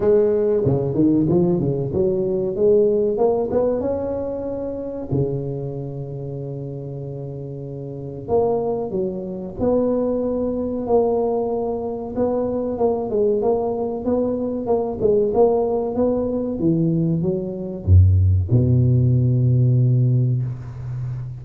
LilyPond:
\new Staff \with { instrumentName = "tuba" } { \time 4/4 \tempo 4 = 94 gis4 cis8 dis8 f8 cis8 fis4 | gis4 ais8 b8 cis'2 | cis1~ | cis4 ais4 fis4 b4~ |
b4 ais2 b4 | ais8 gis8 ais4 b4 ais8 gis8 | ais4 b4 e4 fis4 | fis,4 b,2. | }